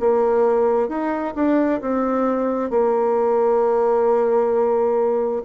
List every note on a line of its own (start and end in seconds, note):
0.00 0.88 A#3
0.88 1.34 D#4
1.35 1.81 D4
1.81 2.70 C4
2.70 5.43 A#3